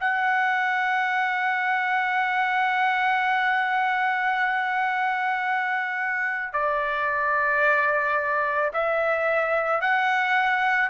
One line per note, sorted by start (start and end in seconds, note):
0.00 6.53 F#5
6.53 8.71 D5
8.74 9.81 E5
9.81 10.89 F#5